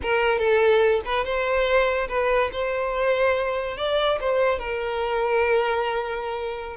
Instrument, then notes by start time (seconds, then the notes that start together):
violin
0.02 A#4
0.38 A4
1.05 B4
1.24 C5
2.08 B4
2.52 C5
3.77 D5
4.20 C5
4.58 A#4